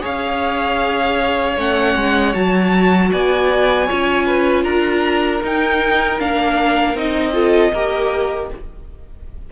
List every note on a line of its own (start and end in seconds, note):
0.00 1.57 C#4
0.00 1.54 G#4
0.00 3.09 C#5
0.00 1.59 F5
1.57 1.95 A3
1.57 2.33 C#4
1.57 2.34 F#5
1.96 2.34 G#3
2.33 3.11 F#3
2.33 3.87 F#4
2.33 3.11 A5
3.11 3.89 B3
3.11 3.86 D5
3.11 4.63 G#5
3.86 4.64 C#4
3.86 5.41 F4
3.86 4.25 C#5
4.26 4.63 B4
4.63 5.41 D4
4.63 7.32 A#4
4.63 5.40 A#5
5.43 6.20 D#4
5.43 6.19 D#4
5.43 6.20 G5
6.19 6.94 A#3
6.19 6.96 D4
6.19 6.97 F5
6.94 7.71 C4
6.94 7.33 D#4
6.94 8.51 D#5
7.33 7.71 F4
7.33 7.72 A4
7.73 8.50 A#3
7.73 8.52 G4
7.73 8.50 A#4